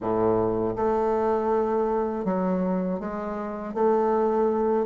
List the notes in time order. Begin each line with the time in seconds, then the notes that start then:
0.00 A2
0.76 A3
2.25 F#3
2.99 G#3
3.74 A3